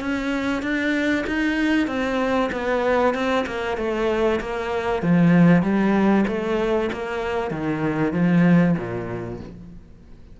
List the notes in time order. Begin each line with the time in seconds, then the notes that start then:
0.00 C#4
0.62 D4
1.27 D#4
1.87 C4
2.52 B3
3.14 C4
3.46 A#3
3.77 A3
4.40 A#3
5.03 F3
5.62 G3
6.28 A3
6.93 A#3
7.51 D#3
8.13 F3
8.78 A#2